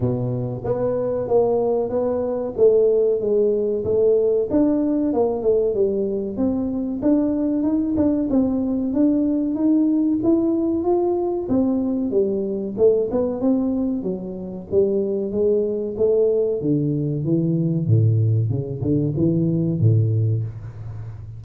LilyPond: \new Staff \with { instrumentName = "tuba" } { \time 4/4 \tempo 4 = 94 b,4 b4 ais4 b4 | a4 gis4 a4 d'4 | ais8 a8 g4 c'4 d'4 | dis'8 d'8 c'4 d'4 dis'4 |
e'4 f'4 c'4 g4 | a8 b8 c'4 fis4 g4 | gis4 a4 d4 e4 | a,4 cis8 d8 e4 a,4 | }